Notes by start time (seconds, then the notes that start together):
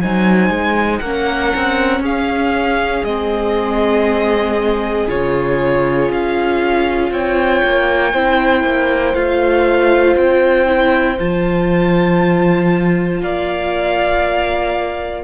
0.00 F#3 D#4 C5 G#5
0.49 G#3
0.99 A#3 C#4 A#4 F#5
1.55 C4
2.00 C#4 G#4 F5
3.04 G#3 C4 D#5
5.08 C#3 F4 C#5
6.10 C#4 F5
7.11 C4 C#5 G5
7.64 A#3
8.12 C4 E4 C5
8.63 A#3
9.14 A3 F4 F5
10.16 C4 G5
10.66 E4
11.18 F3 F4 A5
13.22 A#3 D5 F5